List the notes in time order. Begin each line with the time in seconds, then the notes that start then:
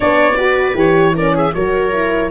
0.00 B3 D4 C#5 D5
0.36 F#4 B4
0.74 E3 G4 C#5
1.14 C#4 A#4 D5
1.34 G#4 E5
1.54 F#3 F#4 A#4 C#5
1.92 E4